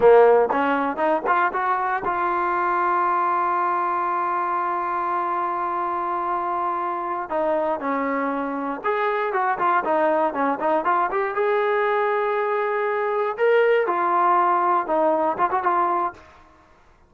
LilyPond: \new Staff \with { instrumentName = "trombone" } { \time 4/4 \tempo 4 = 119 ais4 cis'4 dis'8 f'8 fis'4 | f'1~ | f'1~ | f'2~ f'8 dis'4 cis'8~ |
cis'4. gis'4 fis'8 f'8 dis'8~ | dis'8 cis'8 dis'8 f'8 g'8 gis'4.~ | gis'2~ gis'8 ais'4 f'8~ | f'4. dis'4 f'16 fis'16 f'4 | }